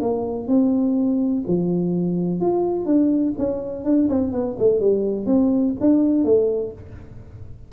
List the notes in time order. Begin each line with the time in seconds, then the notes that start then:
0.00 A#3
0.47 C4
1.47 F3
2.40 F4
2.85 D4
3.38 C#4
3.84 D4
4.09 C4
4.32 B3
4.58 A3
4.80 G3
5.26 C4
5.80 D4
6.24 A3